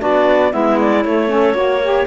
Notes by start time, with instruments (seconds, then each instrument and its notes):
0.00 cello B3, saxophone D4, clarinet F#4 D5
0.52 cello G#3, saxophone B3, clarinet E4 E5
0.80 clarinet D5
1.04 saxophone A3, cello A3, clarinet C#5
1.29 saxophone C#4, clarinet A4
1.55 cello A#3, saxophone F#4, clarinet C#5
1.83 saxophone G4